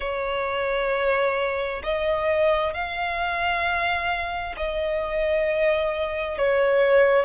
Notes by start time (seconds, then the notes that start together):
0.00 C#5
1.83 D#5
2.73 F5
4.56 D#5
6.38 C#5